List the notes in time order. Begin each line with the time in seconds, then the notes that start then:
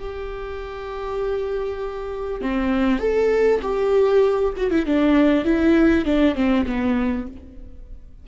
0.00 G4
2.42 C4
2.99 A4
3.63 G4
4.57 F#4
4.71 E4
4.86 D4
5.45 E4
6.05 D4
6.36 C4
6.67 B3